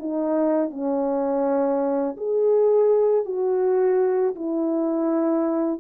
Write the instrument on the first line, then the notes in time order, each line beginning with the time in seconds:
horn
0.00 D#4
0.71 C#4
2.18 G#4
3.26 F#4
4.36 E4